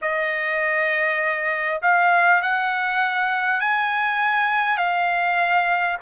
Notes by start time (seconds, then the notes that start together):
0.01 D#5
1.82 F5
2.42 F#5
3.60 G#5
4.77 F5